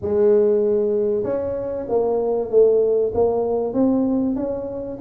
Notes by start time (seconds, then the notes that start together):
0.01 G#3
1.23 C#4
1.88 A#3
2.50 A3
3.14 A#3
3.73 C4
4.35 C#4